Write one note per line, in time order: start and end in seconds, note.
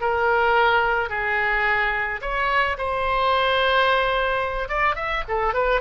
0.00 1.09 A#4
1.09 2.20 G#4
2.21 2.77 C#5
2.77 4.68 C5
4.68 4.95 D5
4.95 5.23 E5
5.28 5.54 A4
5.54 5.81 B4